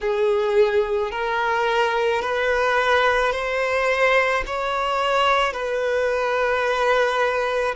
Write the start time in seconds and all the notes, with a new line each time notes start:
0.01 G#4
1.11 A#4
2.22 B4
3.32 C5
4.46 C#5
5.53 B4